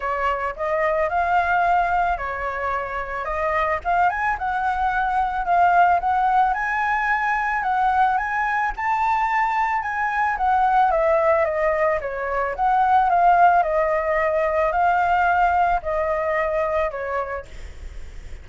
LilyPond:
\new Staff \with { instrumentName = "flute" } { \time 4/4 \tempo 4 = 110 cis''4 dis''4 f''2 | cis''2 dis''4 f''8 gis''8 | fis''2 f''4 fis''4 | gis''2 fis''4 gis''4 |
a''2 gis''4 fis''4 | e''4 dis''4 cis''4 fis''4 | f''4 dis''2 f''4~ | f''4 dis''2 cis''4 | }